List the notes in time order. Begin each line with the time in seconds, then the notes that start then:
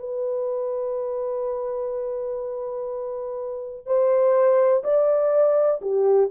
0.00 B4
3.87 C5
4.84 D5
5.82 G4